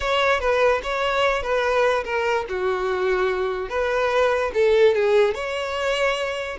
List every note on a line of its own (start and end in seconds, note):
0.00 0.40 C#5
0.40 0.81 B4
0.83 1.42 C#5
1.42 2.03 B4
2.04 2.45 A#4
2.48 3.69 F#4
3.69 4.51 B4
4.54 4.94 A4
4.94 5.34 G#4
5.34 6.57 C#5